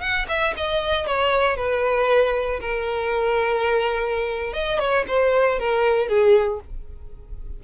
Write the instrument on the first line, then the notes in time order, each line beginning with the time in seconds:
violin
0.00 F#5
0.28 E5
0.57 D#5
1.06 C#5
1.56 B4
2.60 A#4
4.53 D#5
4.79 C#5
5.07 C5
5.59 A#4
6.08 G#4